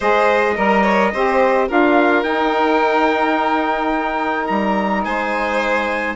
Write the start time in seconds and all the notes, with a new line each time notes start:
0.00 G#3 G#4 C5 D#5
0.56 G3 A#4
0.82 C#5
1.13 C4 G4 C5
1.67 D4 F4 A#4 F5
2.23 D#4 G5
4.46 G3 A#5
5.04 G#3 C5 G#5